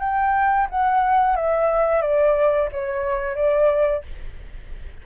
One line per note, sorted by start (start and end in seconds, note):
0.00 0.67 G5
0.70 1.36 F#5
1.36 2.02 E5
2.02 2.69 D5
2.72 3.36 C#5
3.36 4.03 D5